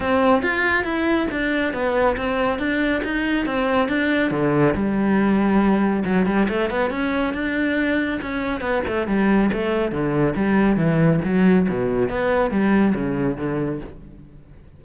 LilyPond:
\new Staff \with { instrumentName = "cello" } { \time 4/4 \tempo 4 = 139 c'4 f'4 e'4 d'4 | b4 c'4 d'4 dis'4 | c'4 d'4 d4 g4~ | g2 fis8 g8 a8 b8 |
cis'4 d'2 cis'4 | b8 a8 g4 a4 d4 | g4 e4 fis4 b,4 | b4 g4 cis4 d4 | }